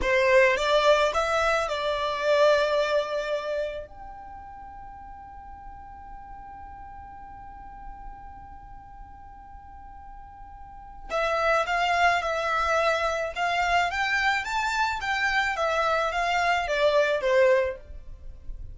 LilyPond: \new Staff \with { instrumentName = "violin" } { \time 4/4 \tempo 4 = 108 c''4 d''4 e''4 d''4~ | d''2. g''4~ | g''1~ | g''1~ |
g''1 | e''4 f''4 e''2 | f''4 g''4 a''4 g''4 | e''4 f''4 d''4 c''4 | }